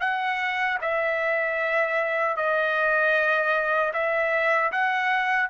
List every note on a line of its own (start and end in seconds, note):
0.00 0.78 F#5
0.81 2.37 E5
2.37 3.92 D#5
3.93 4.71 E5
4.71 5.49 F#5